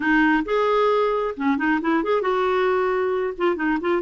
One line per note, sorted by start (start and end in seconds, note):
0.00 0.43 D#4
0.45 1.35 G#4
1.37 1.57 C#4
1.57 1.80 D#4
1.81 2.03 E4
2.03 2.21 G#4
2.21 3.33 F#4
3.37 3.56 F4
3.56 3.78 D#4
3.81 4.02 F4